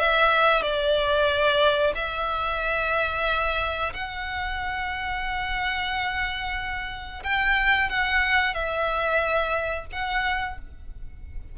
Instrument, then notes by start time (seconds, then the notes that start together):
violin
0.00 E5
0.62 D5
1.96 E5
3.94 F#5
7.24 G5
7.90 F#5
8.54 E5
9.93 F#5